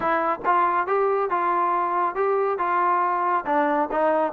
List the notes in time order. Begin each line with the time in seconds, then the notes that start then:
0.00 E4
0.45 F4
0.87 G4
1.29 F4
2.15 G4
2.58 F4
3.46 D4
3.91 D#4